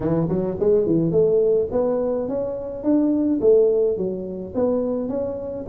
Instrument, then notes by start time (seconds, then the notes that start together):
tuba
0.00 E3
0.28 F#3
0.59 G#3
0.86 E3
1.11 A3
1.71 B3
2.28 C#4
2.83 D4
3.40 A3
3.97 F#3
4.54 B3
5.08 C#4